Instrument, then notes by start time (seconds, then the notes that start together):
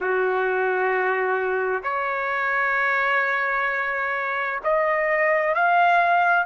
trumpet
0.00 F#4
1.83 C#5
4.63 D#5
5.54 F5